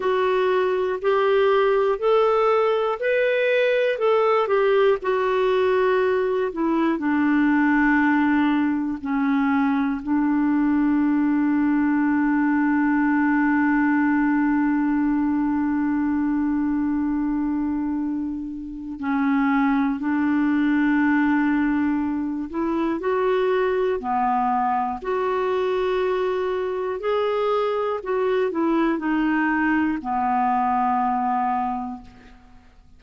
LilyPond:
\new Staff \with { instrumentName = "clarinet" } { \time 4/4 \tempo 4 = 60 fis'4 g'4 a'4 b'4 | a'8 g'8 fis'4. e'8 d'4~ | d'4 cis'4 d'2~ | d'1~ |
d'2. cis'4 | d'2~ d'8 e'8 fis'4 | b4 fis'2 gis'4 | fis'8 e'8 dis'4 b2 | }